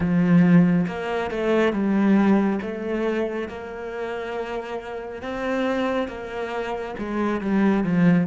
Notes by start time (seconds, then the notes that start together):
0.00 F3
0.87 A#3
1.30 A3
1.72 G3
2.61 A3
3.48 A#3
5.22 C4
6.08 A#3
6.98 G#3
7.40 G3
7.83 F3